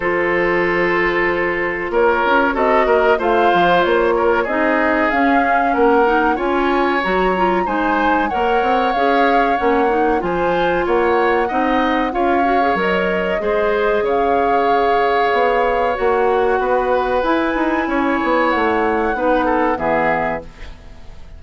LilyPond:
<<
  \new Staff \with { instrumentName = "flute" } { \time 4/4 \tempo 4 = 94 c''2. cis''4 | dis''4 f''4 cis''4 dis''4 | f''4 fis''4 gis''4 ais''4 | gis''4 fis''4 f''4 fis''4 |
gis''4 fis''2 f''4 | dis''2 f''2~ | f''4 fis''2 gis''4~ | gis''4 fis''2 e''4 | }
  \new Staff \with { instrumentName = "oboe" } { \time 4/4 a'2. ais'4 | a'8 ais'8 c''4. ais'8 gis'4~ | gis'4 ais'4 cis''2 | c''4 cis''2. |
c''4 cis''4 dis''4 cis''4~ | cis''4 c''4 cis''2~ | cis''2 b'2 | cis''2 b'8 a'8 gis'4 | }
  \new Staff \with { instrumentName = "clarinet" } { \time 4/4 f'1 | fis'4 f'2 dis'4 | cis'4. dis'8 f'4 fis'8 f'8 | dis'4 ais'4 gis'4 cis'8 dis'8 |
f'2 dis'4 f'8 fis'16 gis'16 | ais'4 gis'2.~ | gis'4 fis'2 e'4~ | e'2 dis'4 b4 | }
  \new Staff \with { instrumentName = "bassoon" } { \time 4/4 f2. ais8 cis'8 | c'8 ais8 a8 f8 ais4 c'4 | cis'4 ais4 cis'4 fis4 | gis4 ais8 c'8 cis'4 ais4 |
f4 ais4 c'4 cis'4 | fis4 gis4 cis2 | b4 ais4 b4 e'8 dis'8 | cis'8 b8 a4 b4 e4 | }
>>